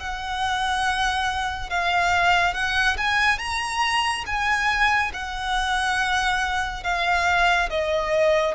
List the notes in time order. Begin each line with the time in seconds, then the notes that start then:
0.00 F#5
1.70 F5
2.54 F#5
2.98 G#5
3.39 A#5
4.27 G#5
5.14 F#5
6.84 F5
7.70 D#5